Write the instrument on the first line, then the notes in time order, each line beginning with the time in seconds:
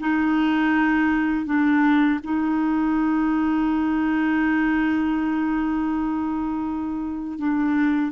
clarinet
0.00 D#4
1.46 D4
2.24 D#4
7.39 D4